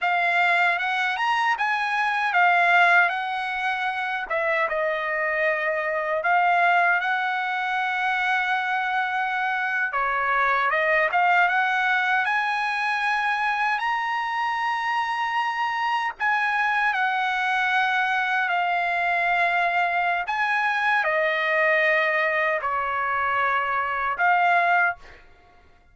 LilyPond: \new Staff \with { instrumentName = "trumpet" } { \time 4/4 \tempo 4 = 77 f''4 fis''8 ais''8 gis''4 f''4 | fis''4. e''8 dis''2 | f''4 fis''2.~ | fis''8. cis''4 dis''8 f''8 fis''4 gis''16~ |
gis''4.~ gis''16 ais''2~ ais''16~ | ais''8. gis''4 fis''2 f''16~ | f''2 gis''4 dis''4~ | dis''4 cis''2 f''4 | }